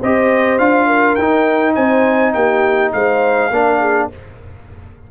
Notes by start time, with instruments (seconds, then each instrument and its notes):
0.00 tuba C4, trombone G4, horn C5, trumpet D#5
0.59 tuba D4, trombone F4, trumpet F5
0.87 horn A#4
1.15 tuba D#4, trombone D#4, trumpet G5
1.75 tuba C4, horn C5, trumpet G#5
2.34 tuba A#3, horn G4, trumpet G5
2.93 tuba G#3, horn C5, trumpet F5
3.51 tuba A#3, trombone D4, horn A#4
3.80 horn G#4